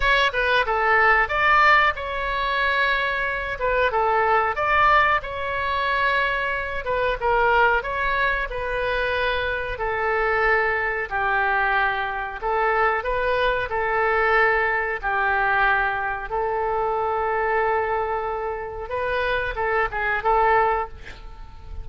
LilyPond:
\new Staff \with { instrumentName = "oboe" } { \time 4/4 \tempo 4 = 92 cis''8 b'8 a'4 d''4 cis''4~ | cis''4. b'8 a'4 d''4 | cis''2~ cis''8 b'8 ais'4 | cis''4 b'2 a'4~ |
a'4 g'2 a'4 | b'4 a'2 g'4~ | g'4 a'2.~ | a'4 b'4 a'8 gis'8 a'4 | }